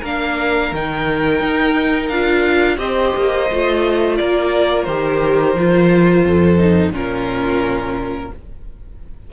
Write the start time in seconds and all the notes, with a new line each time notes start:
0.00 A#3 D4 A#4 F5
0.72 D#3 D#4 G5
1.41 D#4
2.08 D4 F4 F5
2.78 C4 G4 C5 D#5
3.16 A#3
3.51 A3 F4
4.18 A#3 A#4 D5
4.84 D#3 G4 C5
5.55 F3 F4
6.25 F2 A4
6.59 D#4
6.92 A#2 C#4 F4 A#4